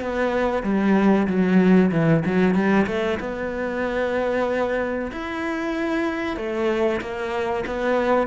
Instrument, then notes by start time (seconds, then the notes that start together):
cello
0.00 B3
0.63 G3
1.27 F#3
1.91 E3
2.25 F#3
2.54 G3
2.87 A3
3.19 B3
5.12 E4
6.37 A3
7.01 A#3
7.66 B3